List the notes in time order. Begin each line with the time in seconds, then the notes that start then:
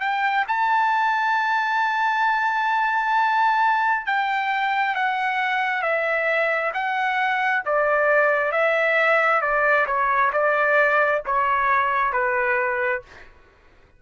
0.00 G5
0.48 A5
4.06 G5
4.95 F#5
5.82 E5
6.74 F#5
7.65 D5
8.52 E5
9.42 D5
9.87 C#5
10.32 D5
11.26 C#5
12.12 B4